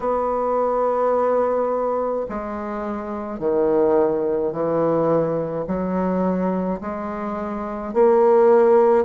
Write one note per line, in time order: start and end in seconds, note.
0.00 2.26 B3
2.28 3.39 G#3
3.39 4.52 D#3
4.52 5.66 E3
5.67 6.80 F#3
6.80 7.93 G#3
7.93 9.04 A#3